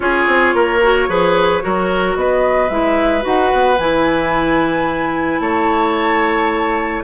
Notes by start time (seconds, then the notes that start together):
0.00 C#4 F4 G#4 C#5
0.27 C4
0.54 A#3 A#4
0.82 F#4
1.08 F3 G#4 B4
1.61 F#3 F#4 A#4
2.15 B3 B4 D#5
2.69 G#3 E4 E5
3.21 D#4 F#4 F#5
3.52 B3
3.78 E3 E4 G#5
5.39 A3 C#5 A5